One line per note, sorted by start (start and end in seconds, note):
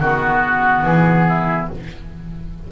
0.00 0.84 D#3
0.00 1.72 B3
0.00 0.85 F#4
0.00 1.28 F#4
0.84 1.69 E3
0.84 1.69 G#4
1.28 1.70 E4